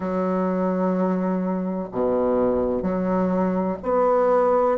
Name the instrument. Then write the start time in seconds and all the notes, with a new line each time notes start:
bassoon
0.00 F#3
1.92 B2
2.82 F#3
3.82 B3